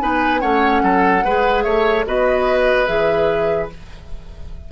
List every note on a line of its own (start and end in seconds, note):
0.00 0.43 B3
0.00 0.40 D#4
0.00 0.41 B4
0.00 0.41 G#5
0.40 0.83 A3
0.40 1.23 C#4
0.40 0.83 C#5
0.40 1.63 F#5
0.83 1.24 F#3
0.83 1.25 A4
1.24 1.65 G#3
1.24 2.06 G#4
1.24 1.65 B4
1.63 2.06 A3
1.63 2.06 C#5
1.63 2.04 E5
2.06 2.88 B3
2.06 2.87 F#4
2.06 3.72 B4
2.06 2.86 D#5
2.86 3.70 E3
2.86 3.70 G#4
2.86 3.68 E5